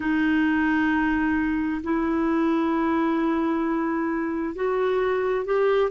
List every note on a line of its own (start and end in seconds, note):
0.00 1.81 D#4
1.83 4.55 E4
4.55 5.45 F#4
5.45 5.90 G4